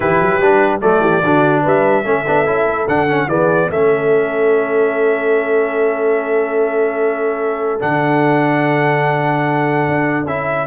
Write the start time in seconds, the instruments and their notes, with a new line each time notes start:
0.00 tuba E3, trombone E4, horn G4, trumpet B4
0.20 tuba F#3
0.39 tuba G3, trombone D4
0.80 tuba F#3, trombone A3, horn A4, trumpet D5
1.00 tuba E3, horn G4
1.22 tuba D3, trombone D4, horn F#4
1.62 tuba G3, horn B4, trumpet E5
2.04 tuba A3, trombone C#4, horn A4
2.26 tuba B3, trombone D4
2.45 tuba C#4, trombone E4
2.66 tuba A3
2.87 tuba D3, trombone D4, trumpet F#5
3.08 trombone C#4
3.27 tuba E3, trombone B3, horn G#4, trumpet D5
3.70 tuba A3, trombone C#4, horn A4, trumpet E5
7.79 tuba D3, trombone D4, trumpet F#5
9.88 tuba D4
10.26 tuba C#4, trombone E4, trumpet E5